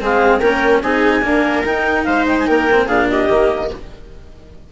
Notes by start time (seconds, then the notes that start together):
0.00 G#3 C4 G#4 F5
0.39 A#3 C#4 A#4 G5
0.81 C4 D#4 G#4 G#5
1.21 A#3 D4 A#4
1.65 D#4 G5
2.04 G#3 C5 F5
2.27 G5
2.39 G#5
2.47 A#3 A#4 G5
2.71 C4
2.86 A#2 D4 G#4 F5
3.08 G4 D#5
3.29 D#3 A#3